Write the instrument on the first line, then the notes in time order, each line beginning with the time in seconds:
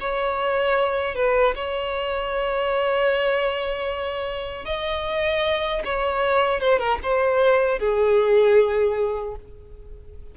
violin
0.00 C#5
1.15 B4
1.55 C#5
4.65 D#5
5.85 C#5
6.60 C5
6.79 A#4
7.03 C5
7.80 G#4